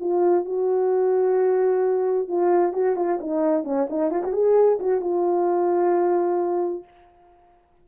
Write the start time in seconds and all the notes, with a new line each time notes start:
0.00 F4
0.45 F#4
2.28 F4
2.73 F#4
2.96 F4
3.21 D#4
3.64 C#4
3.90 D#4
4.11 F4
4.24 F#4
4.33 G#4
4.80 F#4
5.01 F4